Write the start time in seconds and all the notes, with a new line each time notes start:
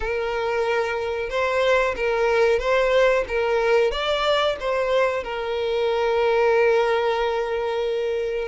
0.00 A#4
1.29 C5
1.96 A#4
2.59 C5
3.28 A#4
3.91 D5
4.60 C5
5.23 A#4